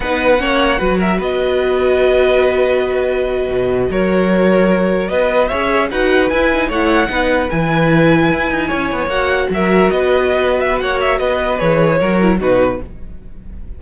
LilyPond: <<
  \new Staff \with { instrumentName = "violin" } { \time 4/4 \tempo 4 = 150 fis''2~ fis''8 e''8 dis''4~ | dis''1~ | dis''4.~ dis''16 cis''2~ cis''16~ | cis''8. dis''4 e''4 fis''4 gis''16~ |
gis''8. fis''2 gis''4~ gis''16~ | gis''2~ gis''8. fis''4 e''16~ | e''8. dis''4.~ dis''16 e''8 fis''8 e''8 | dis''4 cis''2 b'4 | }
  \new Staff \with { instrumentName = "violin" } { \time 4/4 b'4 cis''4 b'8 ais'8 b'4~ | b'1~ | b'4.~ b'16 ais'2~ ais'16~ | ais'8. b'4 cis''4 b'4~ b'16~ |
b'8. cis''4 b'2~ b'16~ | b'4.~ b'16 cis''2 ais'16~ | ais'8. b'2~ b'16 cis''4 | b'2 ais'4 fis'4 | }
  \new Staff \with { instrumentName = "viola" } { \time 4/4 dis'4 cis'4 fis'2~ | fis'1~ | fis'1~ | fis'4.~ fis'16 gis'4 fis'4 e'16~ |
e'16 dis'8 e'4 dis'4 e'4~ e'16~ | e'2~ e'8. fis'4~ fis'16~ | fis'1~ | fis'4 gis'4 fis'8 e'8 dis'4 | }
  \new Staff \with { instrumentName = "cello" } { \time 4/4 b4 ais4 fis4 b4~ | b1~ | b8. b,4 fis2~ fis16~ | fis8. b4 cis'4 dis'4 e'16~ |
e'8. a4 b4 e4~ e16~ | e8. e'8 dis'8 cis'8 b8 ais4 fis16~ | fis8. b2~ b16 ais4 | b4 e4 fis4 b,4 | }
>>